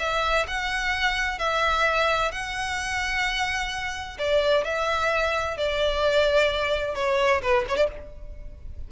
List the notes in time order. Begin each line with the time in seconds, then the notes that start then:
0.00 E5
0.48 F#5
1.39 E5
2.32 F#5
4.19 D5
4.65 E5
5.57 D5
6.95 C#5
7.42 B4
7.69 C#5
7.77 D5